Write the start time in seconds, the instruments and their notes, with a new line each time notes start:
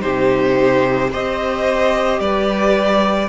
0.00 cello C3, viola D#4, violin G4 C5
1.11 cello C4, viola G4, violin C5 D#5
2.20 cello G3, violin B4 D5